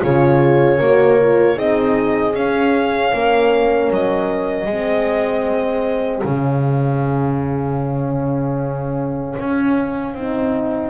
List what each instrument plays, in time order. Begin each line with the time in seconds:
0.00 double bass C#3, horn F4 G#4, violin C#5
0.78 double bass A#3, horn F#4 A#4
1.20 horn F4
1.56 double bass C4, horn D#4 G#4, violin D#5
2.34 double bass C#4, horn C#4, violin F5
3.13 double bass A#3, horn A#4
3.90 double bass F#3, violin D#5
4.66 double bass G#3, horn C4 G#4
6.24 double bass C#3, horn C#4, violin F5
9.39 double bass C#4
10.14 double bass C4, horn D#4